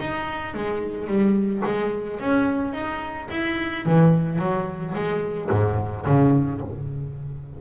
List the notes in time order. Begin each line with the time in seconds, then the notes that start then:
0.00 D#4
0.54 G#3
1.07 G3
1.65 G#3
2.20 C#4
2.73 D#4
3.31 E4
3.86 E3
4.39 F#3
4.95 G#3
5.50 G#2
6.06 C#3